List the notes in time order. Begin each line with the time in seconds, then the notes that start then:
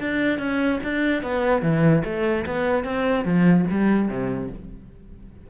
0.00 D4
0.39 C#4
0.83 D4
1.22 B3
1.62 E3
2.04 A3
2.46 B3
2.84 C4
3.25 F3
3.70 G3
4.09 C3